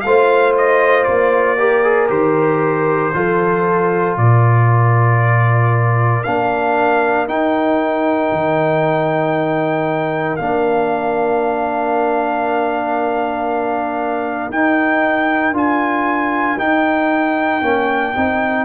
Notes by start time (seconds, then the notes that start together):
0.00 A3 F4 C5 F5
0.57 D#5
1.03 A#3 D5
1.57 G4 A#4
1.83 G#4
2.08 D#3 G4 C5
3.13 F3 F4 A4
4.17 A#2 A#4 D5
6.23 A#3 D4 F5
7.27 D#4 G5
8.31 D#3
10.36 A#3 D4 F5
14.49 D#4 G5
15.52 D4 F4 G#5
16.58 D#4 G5
17.61 A#3 C#4
18.16 C4 D#4